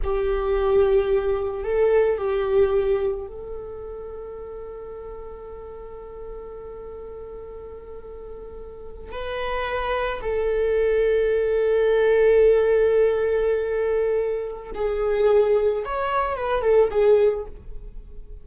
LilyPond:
\new Staff \with { instrumentName = "viola" } { \time 4/4 \tempo 4 = 110 g'2. a'4 | g'2 a'2~ | a'1~ | a'1~ |
a'8. b'2 a'4~ a'16~ | a'1~ | a'2. gis'4~ | gis'4 cis''4 b'8 a'8 gis'4 | }